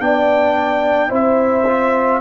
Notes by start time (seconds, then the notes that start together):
0.00 B3 D4 D5 G5
1.09 C4 E4 C5 E5
1.67 F4